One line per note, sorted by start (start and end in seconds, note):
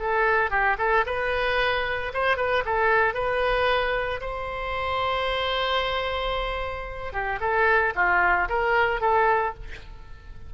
0.00 0.51 A4
0.51 0.77 G4
0.78 1.05 A4
1.06 2.13 B4
2.14 2.37 C5
2.37 2.64 B4
2.65 3.14 A4
3.14 4.21 B4
4.21 7.13 C5
7.13 7.40 G4
7.41 7.94 A4
7.96 8.49 F4
8.49 9.01 A#4
9.01 9.54 A4